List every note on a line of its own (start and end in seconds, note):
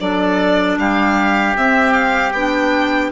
0.00 0.78 F#3
0.00 1.56 D4
0.00 0.80 A4
0.00 0.78 D5
0.78 1.56 G3
0.78 3.12 G4
0.78 1.57 F5
1.56 2.33 C4
1.56 2.35 C4
1.56 1.93 E5
1.93 2.32 F5
2.33 3.11 B3
2.33 3.12 D4
2.33 3.11 G5